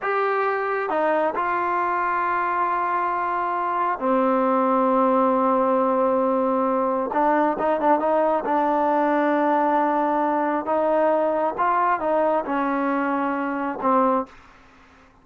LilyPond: \new Staff \with { instrumentName = "trombone" } { \time 4/4 \tempo 4 = 135 g'2 dis'4 f'4~ | f'1~ | f'4 c'2.~ | c'1 |
d'4 dis'8 d'8 dis'4 d'4~ | d'1 | dis'2 f'4 dis'4 | cis'2. c'4 | }